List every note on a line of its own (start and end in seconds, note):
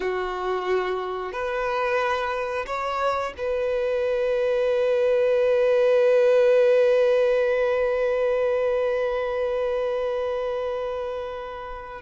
0.00 1.32 F#4
1.32 2.65 B4
2.66 3.33 C#5
3.37 12.02 B4